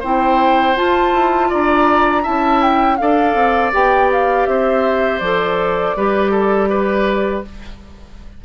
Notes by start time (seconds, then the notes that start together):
0.00 C4 E4 C5 G5
0.75 F4 A5
1.13 E4
1.49 D4 D5 A#5
2.23 C#4 E4 E5 A5
2.62 G5
2.97 D4 A4 D5 F5
3.35 C4
3.73 B3 G4 G5
4.12 F5
4.46 C4 C5 E5
5.19 F3 A4 D5
5.96 G3 G4 B4
6.31 A4
6.70 B4